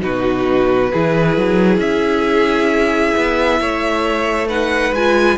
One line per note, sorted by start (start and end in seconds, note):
0.00 0.92 B2
0.00 0.90 D#4
0.00 0.92 F#4
0.00 1.79 B4
0.92 1.37 E3
0.92 4.50 E4
0.92 3.60 G#4
1.37 1.78 F#3
1.78 3.13 C#4
1.78 4.48 E5
3.17 3.60 B3
3.60 4.92 A3
3.60 4.48 C#5
4.48 4.95 D#4
4.48 5.38 B4
4.48 4.94 F#5
4.92 5.37 G#3
4.92 5.38 F4
4.92 5.38 G#5